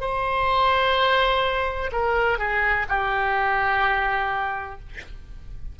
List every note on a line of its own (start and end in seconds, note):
0.00 1.90 C5
1.92 2.38 A#4
2.38 2.86 G#4
2.89 4.79 G4